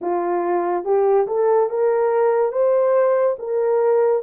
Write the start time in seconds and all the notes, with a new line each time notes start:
0.01 F4
0.84 G4
1.27 A4
1.69 A#4
2.52 C5
3.38 A#4